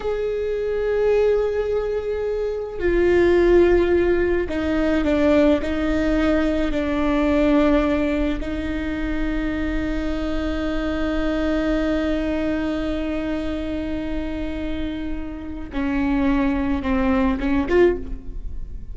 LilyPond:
\new Staff \with { instrumentName = "viola" } { \time 4/4 \tempo 4 = 107 gis'1~ | gis'4 f'2. | dis'4 d'4 dis'2 | d'2. dis'4~ |
dis'1~ | dis'1~ | dis'1 | cis'2 c'4 cis'8 f'8 | }